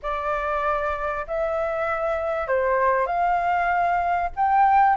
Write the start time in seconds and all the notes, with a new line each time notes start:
0.02 D5
1.27 E5
2.47 C5
3.06 F5
4.36 G5